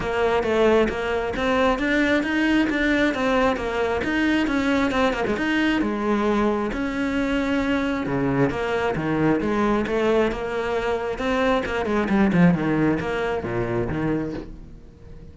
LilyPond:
\new Staff \with { instrumentName = "cello" } { \time 4/4 \tempo 4 = 134 ais4 a4 ais4 c'4 | d'4 dis'4 d'4 c'4 | ais4 dis'4 cis'4 c'8 ais16 gis16 | dis'4 gis2 cis'4~ |
cis'2 cis4 ais4 | dis4 gis4 a4 ais4~ | ais4 c'4 ais8 gis8 g8 f8 | dis4 ais4 ais,4 dis4 | }